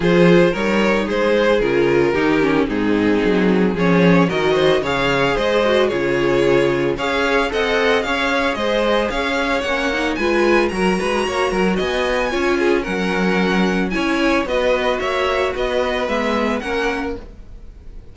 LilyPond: <<
  \new Staff \with { instrumentName = "violin" } { \time 4/4 \tempo 4 = 112 c''4 cis''4 c''4 ais'4~ | ais'4 gis'2 cis''4 | dis''4 f''4 dis''4 cis''4~ | cis''4 f''4 fis''4 f''4 |
dis''4 f''4 fis''4 gis''4 | ais''2 gis''2 | fis''2 gis''4 dis''4 | e''4 dis''4 e''4 fis''4 | }
  \new Staff \with { instrumentName = "violin" } { \time 4/4 gis'4 ais'4 gis'2 | g'4 dis'2 gis'4 | ais'8 c''8 cis''4 c''4 gis'4~ | gis'4 cis''4 dis''4 cis''4 |
c''4 cis''2 b'4 | ais'8 b'8 cis''8 ais'8 dis''4 cis''8 gis'8 | ais'2 cis''4 b'4 | cis''4 b'2 ais'4 | }
  \new Staff \with { instrumentName = "viola" } { \time 4/4 f'4 dis'2 f'4 | dis'8 cis'8 c'2 cis'4 | fis'4 gis'4. fis'8 f'4~ | f'4 gis'4 a'4 gis'4~ |
gis'2 cis'8 dis'8 f'4 | fis'2. f'4 | cis'2 e'4 fis'4~ | fis'2 b4 cis'4 | }
  \new Staff \with { instrumentName = "cello" } { \time 4/4 f4 g4 gis4 cis4 | dis4 gis,4 fis4 f4 | dis4 cis4 gis4 cis4~ | cis4 cis'4 c'4 cis'4 |
gis4 cis'4 ais4 gis4 | fis8 gis8 ais8 fis8 b4 cis'4 | fis2 cis'4 b4 | ais4 b4 gis4 ais4 | }
>>